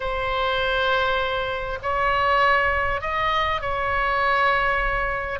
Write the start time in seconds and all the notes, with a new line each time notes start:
0.00 C5
1.82 C#5
3.01 D#5
3.61 C#5